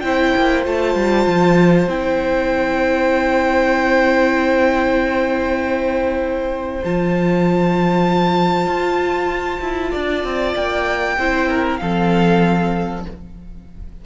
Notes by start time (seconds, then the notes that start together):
0.00 C4 E4 C5 G5
0.36 A#3
0.64 A3 F4 A5
0.95 G3
1.27 F3
1.87 C4 E4 G5
6.84 F3 F4 A5
8.67 F4
9.61 E4
9.91 D4 D5
10.23 C4
10.55 A#3 G5
11.17 C4 E4 C5
11.49 A#4
11.77 F3 C4 A4 F5